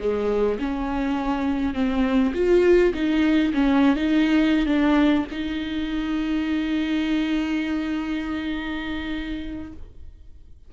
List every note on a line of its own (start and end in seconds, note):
0.00 0.59 G#3
0.59 1.74 C#4
1.74 2.33 C4
2.35 2.94 F4
2.95 3.53 D#4
3.54 3.96 C#4
3.96 4.66 D#4
4.66 5.25 D4
5.32 9.73 D#4